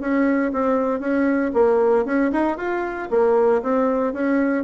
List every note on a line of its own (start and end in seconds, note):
0.00 0.52 C#4
0.52 0.99 C4
0.99 1.51 C#4
1.53 2.05 A#3
2.05 2.31 C#4
2.32 2.57 D#4
2.57 3.08 F4
3.10 3.62 A#3
3.62 4.13 C4
4.13 4.64 C#4